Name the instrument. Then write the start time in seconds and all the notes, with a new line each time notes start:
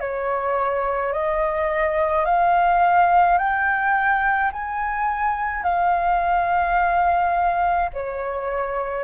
flute
0.00 C#5
1.13 D#5
2.25 F5
3.38 G5
4.53 G#5
5.63 F5
7.93 C#5